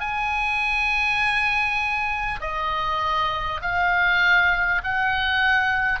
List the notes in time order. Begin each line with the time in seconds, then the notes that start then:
0.00 G#5
2.41 D#5
3.61 F5
4.83 F#5